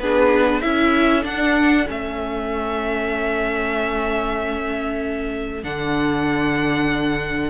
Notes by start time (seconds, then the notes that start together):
0.00 B3 D4 G#4 B4
0.62 C#4 E4 A4 E5
1.23 D4 F#5
1.88 A3 C#4 E5
5.64 D3 D4 F#5